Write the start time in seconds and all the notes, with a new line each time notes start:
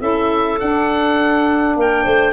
0.00 C#4 E4 A4 E5
0.60 D4 F#5
1.77 A#3 A#4 G5
2.04 A3 C5